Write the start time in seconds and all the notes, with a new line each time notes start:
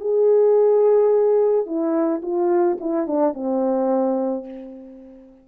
0.00 G#4
1.66 E4
2.22 F4
2.80 E4
3.07 D4
3.34 C4